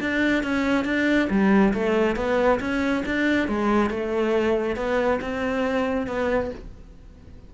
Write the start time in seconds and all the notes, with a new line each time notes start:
0.00 D4
0.43 C#4
0.84 D4
1.30 G3
1.73 A3
2.16 B3
2.60 C#4
3.05 D4
3.48 G#3
3.90 A3
4.76 B3
5.21 C4
6.07 B3